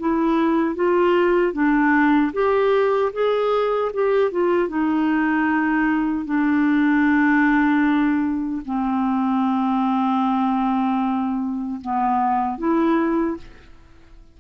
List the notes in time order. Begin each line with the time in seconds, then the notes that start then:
0.00 E4
0.76 F4
1.53 D4
2.34 G4
3.13 G#4
3.94 G4
4.32 F4
4.69 D#4
6.26 D4
8.66 C4
11.82 B3
12.58 E4